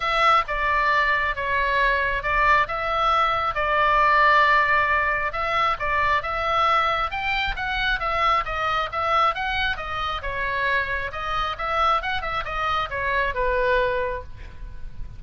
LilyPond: \new Staff \with { instrumentName = "oboe" } { \time 4/4 \tempo 4 = 135 e''4 d''2 cis''4~ | cis''4 d''4 e''2 | d''1 | e''4 d''4 e''2 |
g''4 fis''4 e''4 dis''4 | e''4 fis''4 dis''4 cis''4~ | cis''4 dis''4 e''4 fis''8 e''8 | dis''4 cis''4 b'2 | }